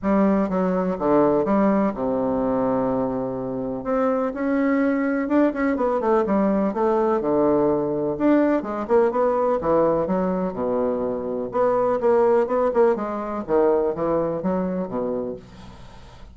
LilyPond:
\new Staff \with { instrumentName = "bassoon" } { \time 4/4 \tempo 4 = 125 g4 fis4 d4 g4 | c1 | c'4 cis'2 d'8 cis'8 | b8 a8 g4 a4 d4~ |
d4 d'4 gis8 ais8 b4 | e4 fis4 b,2 | b4 ais4 b8 ais8 gis4 | dis4 e4 fis4 b,4 | }